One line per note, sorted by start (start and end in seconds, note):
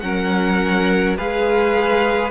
0.00 1.18 F#3
0.00 1.17 C#4
0.00 1.17 A#4
0.00 1.15 F#5
1.17 2.31 G#3
1.17 2.31 G#4
1.17 2.31 B4
1.17 2.31 F5